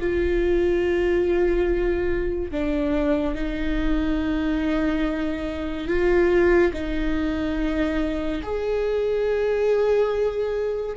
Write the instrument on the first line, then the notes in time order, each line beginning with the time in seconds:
viola
0.00 F4
2.51 D4
3.35 D#4
5.87 F4
6.73 D#4
8.42 G#4